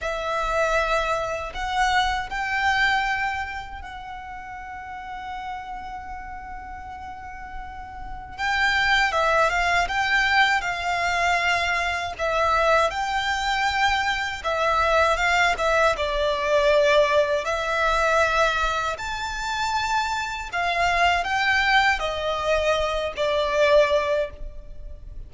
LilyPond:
\new Staff \with { instrumentName = "violin" } { \time 4/4 \tempo 4 = 79 e''2 fis''4 g''4~ | g''4 fis''2.~ | fis''2. g''4 | e''8 f''8 g''4 f''2 |
e''4 g''2 e''4 | f''8 e''8 d''2 e''4~ | e''4 a''2 f''4 | g''4 dis''4. d''4. | }